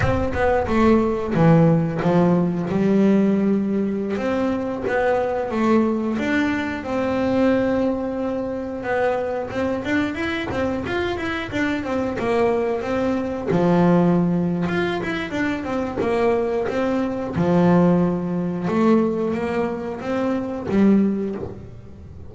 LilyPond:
\new Staff \with { instrumentName = "double bass" } { \time 4/4 \tempo 4 = 90 c'8 b8 a4 e4 f4 | g2~ g16 c'4 b8.~ | b16 a4 d'4 c'4.~ c'16~ | c'4~ c'16 b4 c'8 d'8 e'8 c'16~ |
c'16 f'8 e'8 d'8 c'8 ais4 c'8.~ | c'16 f4.~ f16 f'8 e'8 d'8 c'8 | ais4 c'4 f2 | a4 ais4 c'4 g4 | }